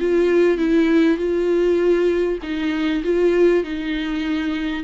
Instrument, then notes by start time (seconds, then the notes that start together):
viola
0.00 F4
0.58 E4
1.18 F4
2.43 D#4
3.04 F4
3.64 D#4